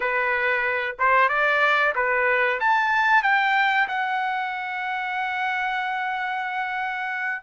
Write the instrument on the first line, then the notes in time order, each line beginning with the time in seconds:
trumpet
0.00 B4
0.98 C5
1.28 D5
1.95 B4
2.60 A5
3.23 G5
3.87 F#5